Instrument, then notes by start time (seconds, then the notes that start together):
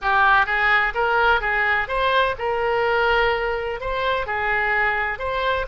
oboe
0.01 G4
0.46 G#4
0.94 A#4
1.40 G#4
1.88 C5
2.38 A#4
3.80 C5
4.26 G#4
5.18 C5